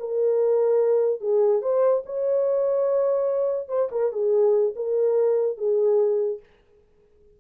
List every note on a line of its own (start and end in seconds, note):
0.00 1.21 A#4
1.21 1.62 G#4
1.62 2.04 C5
2.06 3.69 C#5
3.69 3.89 C5
3.92 4.12 A#4
4.13 4.75 G#4
4.76 5.57 A#4
5.57 6.40 G#4